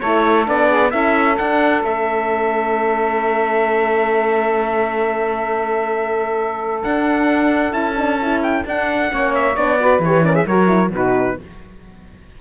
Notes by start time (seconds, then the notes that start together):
0.00 A3 E4 A4 C#5
0.45 B3 D4 D5
0.68 G#4
0.90 C#4 E4 A4 E5
1.37 D4 F#5
1.83 A3 C#4 E5
6.83 D4 F#5
7.71 C#4 E4 A5
7.97 D4
8.21 E4
8.42 G5
8.65 D4 F#5
9.10 A#3 C#4 C#5
9.34 E5
9.56 B3 D4 D5
9.79 F#4 B4
9.98 E3 C#5
10.05 G4
10.23 C#4 A#4 D5
10.34 G#4 E5
10.46 F#3 F#4 A#4 C#5
10.68 E4
10.90 B2 D#4 F#4 B4